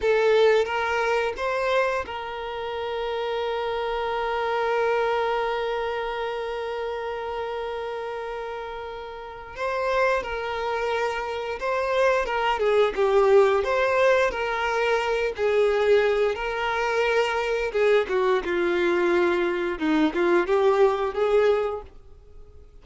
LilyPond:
\new Staff \with { instrumentName = "violin" } { \time 4/4 \tempo 4 = 88 a'4 ais'4 c''4 ais'4~ | ais'1~ | ais'1~ | ais'2 c''4 ais'4~ |
ais'4 c''4 ais'8 gis'8 g'4 | c''4 ais'4. gis'4. | ais'2 gis'8 fis'8 f'4~ | f'4 dis'8 f'8 g'4 gis'4 | }